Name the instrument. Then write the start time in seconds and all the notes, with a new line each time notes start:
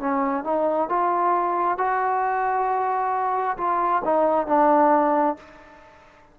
trombone
0.00 C#4
0.45 D#4
0.89 F4
1.78 F#4
3.58 F4
4.05 D#4
4.47 D4